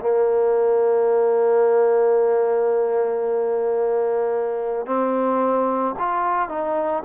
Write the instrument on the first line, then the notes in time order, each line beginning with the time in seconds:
trombone
0.00 A#3
4.85 C4
5.99 F4
6.49 D#4